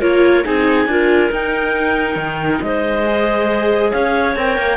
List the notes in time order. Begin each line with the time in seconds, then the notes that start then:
0.00 A#3 F4 A#4 C#5
0.44 C4 D#4 G#4 G#5
0.86 D4 F4 A#4
1.31 D#4 G5
2.16 D#3
2.62 G#3 C5 D#5
3.06 G#4
3.91 C#4 C#5 F5
4.36 C4 A#4 G5
4.58 A#3